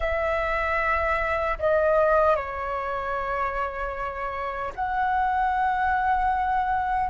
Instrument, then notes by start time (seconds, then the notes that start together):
flute
0.00 E5
1.59 D#5
2.35 C#5
4.75 F#5